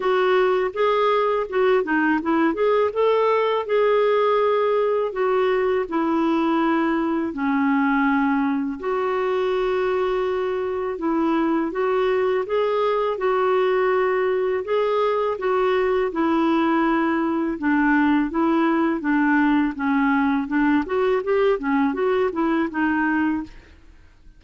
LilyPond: \new Staff \with { instrumentName = "clarinet" } { \time 4/4 \tempo 4 = 82 fis'4 gis'4 fis'8 dis'8 e'8 gis'8 | a'4 gis'2 fis'4 | e'2 cis'2 | fis'2. e'4 |
fis'4 gis'4 fis'2 | gis'4 fis'4 e'2 | d'4 e'4 d'4 cis'4 | d'8 fis'8 g'8 cis'8 fis'8 e'8 dis'4 | }